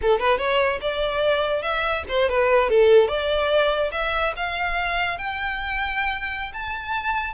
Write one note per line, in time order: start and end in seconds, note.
0.01 0.19 A4
0.19 0.38 B4
0.38 0.79 C#5
0.81 1.62 D5
1.62 2.03 E5
2.08 2.29 C5
2.29 2.69 B4
2.69 3.08 A4
3.08 3.90 D5
3.91 4.33 E5
4.36 5.18 F5
5.18 6.52 G5
6.53 7.33 A5